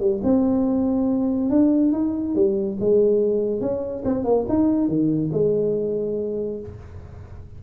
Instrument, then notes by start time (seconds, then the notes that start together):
tuba
0.00 G3
0.24 C4
1.50 D4
1.92 D#4
2.35 G3
2.80 G#3
3.61 C#4
4.05 C4
4.25 A#3
4.49 D#4
4.88 D#3
5.32 G#3